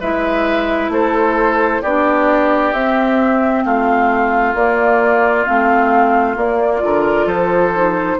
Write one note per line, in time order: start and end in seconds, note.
0.00 0.88 G#3
0.00 1.84 E4
0.00 0.91 B4
0.00 0.91 E5
0.88 1.79 A3
0.88 1.82 A4
0.88 1.82 C5
1.82 2.73 B3
1.82 2.74 D4
1.82 3.63 G4
1.82 2.73 D5
2.73 3.64 C4
2.73 4.54 C4
2.73 3.64 E5
3.64 4.54 A3
3.64 6.83 F4
3.64 4.55 F5
4.54 5.45 A#3
4.54 5.45 D5
5.45 6.36 A3
5.45 6.35 C4
5.45 6.35 F5
6.35 6.78 A#3
6.35 6.82 A#3
6.35 7.28 D5
6.78 7.25 D3
6.78 7.69 F4
6.84 7.26 A#4
7.25 8.16 F3
7.25 8.17 A4
7.25 8.19 C5
7.75 8.19 D#4